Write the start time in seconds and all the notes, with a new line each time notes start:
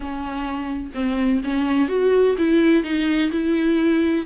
0.00 C#4
0.94 C4
1.44 C#4
1.88 F#4
2.38 E4
2.83 D#4
3.31 E4